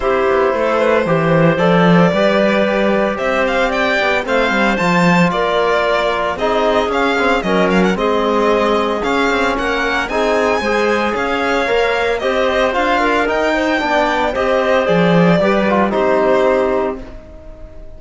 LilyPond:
<<
  \new Staff \with { instrumentName = "violin" } { \time 4/4 \tempo 4 = 113 c''2. d''4~ | d''2 e''8 f''8 g''4 | f''4 a''4 d''2 | dis''4 f''4 dis''8 f''16 fis''16 dis''4~ |
dis''4 f''4 fis''4 gis''4~ | gis''4 f''2 dis''4 | f''4 g''2 dis''4 | d''2 c''2 | }
  \new Staff \with { instrumentName = "clarinet" } { \time 4/4 g'4 a'8 b'8 c''2 | b'2 c''4 d''4 | c''2 ais'2 | gis'2 ais'4 gis'4~ |
gis'2 ais'4 gis'4 | c''4 cis''2 c''4~ | c''8 ais'4 c''8 d''4 c''4~ | c''4 b'4 g'2 | }
  \new Staff \with { instrumentName = "trombone" } { \time 4/4 e'2 g'4 a'4 | g'1 | c'4 f'2. | dis'4 cis'8 c'8 cis'4 c'4~ |
c'4 cis'2 dis'4 | gis'2 ais'4 g'4 | f'4 dis'4 d'4 g'4 | gis'4 g'8 f'8 dis'2 | }
  \new Staff \with { instrumentName = "cello" } { \time 4/4 c'8 b8 a4 e4 f4 | g2 c'4. b8 | a8 g8 f4 ais2 | c'4 cis'4 fis4 gis4~ |
gis4 cis'8 c'8 ais4 c'4 | gis4 cis'4 ais4 c'4 | d'4 dis'4 b4 c'4 | f4 g4 c'2 | }
>>